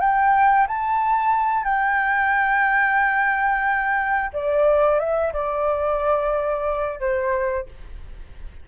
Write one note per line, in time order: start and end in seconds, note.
0.00 0.67 G5
0.68 1.64 A5
1.64 4.31 G5
4.33 4.99 D5
4.99 5.33 E5
5.33 7.00 D5
7.00 7.66 C5